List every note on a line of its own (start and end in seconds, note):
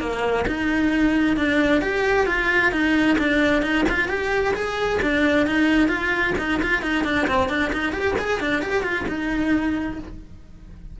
0.00 0.45 A#3
0.47 1.36 D#4
1.36 1.81 D4
1.81 2.26 G4
2.26 2.71 F4
2.71 3.17 D#4
3.18 3.62 D4
3.62 3.85 D#4
3.89 4.08 F4
4.08 4.54 G4
4.54 4.99 G#4
5.02 5.46 D4
5.46 5.88 D#4
5.88 6.33 F4
6.38 6.61 D#4
6.62 6.82 F4
6.82 7.04 D#4
7.04 7.27 D4
7.27 7.49 C4
7.49 7.71 D4
7.73 7.92 D#4
7.92 8.15 G4
8.19 8.40 G#4
8.40 8.62 D4
8.62 8.83 G4
8.83 9.05 F4
9.08 9.99 D#4